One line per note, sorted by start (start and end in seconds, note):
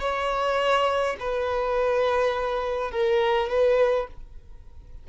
0.00 1.17 C#5
1.20 2.92 B4
2.92 3.49 A#4
3.49 4.07 B4